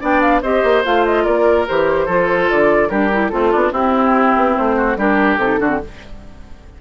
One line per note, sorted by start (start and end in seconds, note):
0.00 0.42 B3
0.00 0.41 D4
0.00 0.42 D5
0.00 0.21 G5
0.21 0.42 F5
0.42 0.63 C4
0.42 0.84 G4
0.42 1.24 C5
0.42 0.83 D#5
0.63 0.84 A#3
0.84 1.26 A3
0.84 1.67 F4
0.84 1.05 F5
1.05 1.25 D#5
1.24 1.68 A#3
1.24 2.06 A#4
1.24 1.66 D5
1.67 2.07 E3
1.67 2.08 G4
1.67 2.50 C5
2.06 2.49 F3
2.06 2.89 F4
2.06 2.88 A4
2.50 2.90 D3
2.50 2.89 D5
2.89 3.31 G3
2.89 3.10 D4
2.89 3.31 G4
2.89 3.29 A#4
3.12 3.30 E4
3.29 3.54 A3
3.29 3.51 C4
3.29 3.72 F4
3.29 3.70 A4
3.51 3.72 B3
3.51 3.72 D4
3.72 4.34 C4
3.72 4.97 C4
3.72 4.75 E4
3.72 4.55 G4
4.36 4.57 B3
4.56 4.96 A3
4.56 4.98 C5
4.76 4.97 F#4
4.96 5.37 G3
4.96 5.39 D4
4.96 5.60 G4
4.96 5.37 A#4
5.37 5.58 C3
5.37 5.59 D#4
5.37 5.79 A4
5.59 5.81 D3
5.59 5.69 D4
5.59 5.81 F#4
5.69 5.79 C4